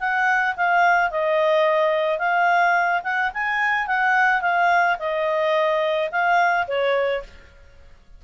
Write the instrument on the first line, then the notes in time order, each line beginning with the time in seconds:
clarinet
0.00 F#5
0.56 F5
1.11 D#5
2.18 F5
3.04 F#5
3.34 G#5
3.87 F#5
4.42 F5
4.99 D#5
6.11 F5
6.67 C#5